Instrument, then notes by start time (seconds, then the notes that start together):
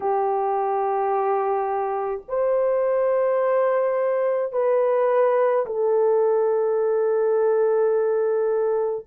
horn
0.00 G4
2.28 C5
4.52 B4
5.66 A4